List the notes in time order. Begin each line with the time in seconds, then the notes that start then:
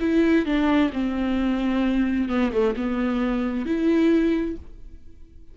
0.00 E4
0.45 D4
0.93 C4
2.29 B3
2.52 A3
2.76 B3
3.65 E4